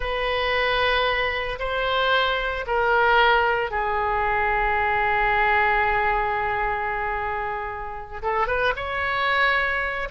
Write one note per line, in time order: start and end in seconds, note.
0.00 1.59 B4
1.59 2.65 C5
2.66 3.70 A#4
3.70 8.22 G#4
8.22 8.47 A4
8.47 8.73 B4
8.76 10.08 C#5